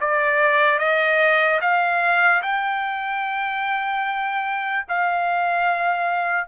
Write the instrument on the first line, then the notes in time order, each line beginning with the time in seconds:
trumpet
0.00 D5
0.79 D#5
1.61 F5
2.42 G5
4.88 F5